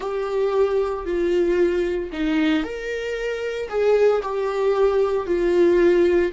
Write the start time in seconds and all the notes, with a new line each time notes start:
0.00 G4
1.05 F4
2.12 D#4
2.63 A#4
3.69 G#4
4.22 G4
5.26 F4